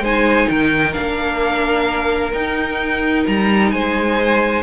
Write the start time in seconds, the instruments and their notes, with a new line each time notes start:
0.00 cello G#3, viola D#4, violin C5 G#5
0.49 cello D#3, violin A#4 G5
0.93 cello A#3, viola D4, violin F5
2.33 viola D#4, cello D#4, violin G5
3.26 cello G3, violin A#5
3.71 cello G#3, violin C5 G#5